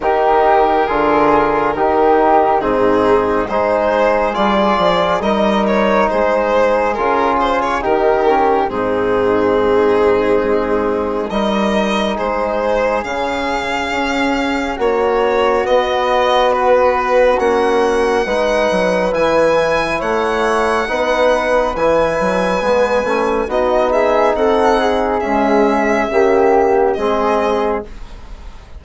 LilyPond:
<<
  \new Staff \with { instrumentName = "violin" } { \time 4/4 \tempo 4 = 69 ais'2. gis'4 | c''4 d''4 dis''8 cis''8 c''4 | ais'8 c''16 cis''16 ais'4 gis'2~ | gis'4 dis''4 c''4 f''4~ |
f''4 cis''4 dis''4 b'4 | fis''2 gis''4 fis''4~ | fis''4 gis''2 dis''8 e''8 | fis''4 e''2 dis''4 | }
  \new Staff \with { instrumentName = "flute" } { \time 4/4 g'4 gis'4 g'4 dis'4 | gis'2 ais'4 gis'4~ | gis'4 g'4 dis'2~ | dis'4 ais'4 gis'2~ |
gis'4 fis'2.~ | fis'4 b'2 cis''4 | b'2. fis'8 gis'8 | a'8 gis'4. g'4 gis'4 | }
  \new Staff \with { instrumentName = "trombone" } { \time 4/4 dis'4 f'4 dis'4 c'4 | dis'4 f'4 dis'2 | f'4 dis'8 cis'8 c'2~ | c'4 dis'2 cis'4~ |
cis'2 b2 | cis'4 dis'4 e'2 | dis'4 e'4 b8 cis'8 dis'4~ | dis'4 gis4 ais4 c'4 | }
  \new Staff \with { instrumentName = "bassoon" } { \time 4/4 dis4 d4 dis4 gis,4 | gis4 g8 f8 g4 gis4 | cis4 dis4 gis,2 | gis4 g4 gis4 cis4 |
cis'4 ais4 b2 | ais4 gis8 fis8 e4 a4 | b4 e8 fis8 gis8 a8 b4 | c'4 cis'4 cis4 gis4 | }
>>